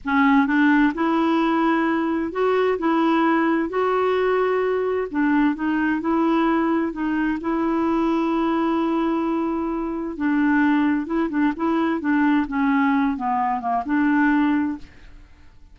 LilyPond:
\new Staff \with { instrumentName = "clarinet" } { \time 4/4 \tempo 4 = 130 cis'4 d'4 e'2~ | e'4 fis'4 e'2 | fis'2. d'4 | dis'4 e'2 dis'4 |
e'1~ | e'2 d'2 | e'8 d'8 e'4 d'4 cis'4~ | cis'8 b4 ais8 d'2 | }